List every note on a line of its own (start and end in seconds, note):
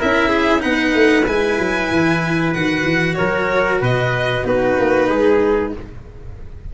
0.00 0.64 C#4
0.00 0.59 E4
0.00 0.29 A#4
0.00 0.62 E5
0.29 0.61 G#4
0.59 0.95 B3
0.59 1.23 D#4
0.59 3.17 B4
0.59 1.26 F#5
0.95 1.27 A3
1.28 1.59 G#3
1.28 2.56 E4
1.28 2.54 G#5
1.59 1.91 F#3
1.91 2.55 E3
2.54 2.84 D#3
2.54 4.45 F#4
2.54 3.15 F#5
2.84 3.16 E3
3.15 3.82 F#3
3.15 3.82 A#4
3.15 3.79 C#5
3.82 4.45 B2
3.82 4.45 B4
3.82 4.46 D#5
4.45 4.77 B3
4.45 5.73 D#4
4.45 5.09 F#4
4.45 5.74 B4
4.80 5.11 A#3
5.09 5.75 G#3
5.09 5.73 G#4